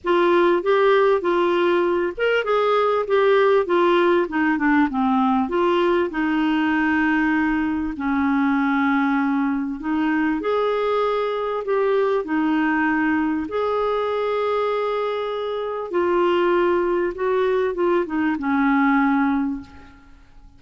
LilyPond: \new Staff \with { instrumentName = "clarinet" } { \time 4/4 \tempo 4 = 98 f'4 g'4 f'4. ais'8 | gis'4 g'4 f'4 dis'8 d'8 | c'4 f'4 dis'2~ | dis'4 cis'2. |
dis'4 gis'2 g'4 | dis'2 gis'2~ | gis'2 f'2 | fis'4 f'8 dis'8 cis'2 | }